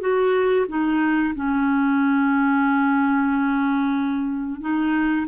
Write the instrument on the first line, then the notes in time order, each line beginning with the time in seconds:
clarinet
0.00 F#4
0.68 D#4
1.35 C#4
4.60 D#4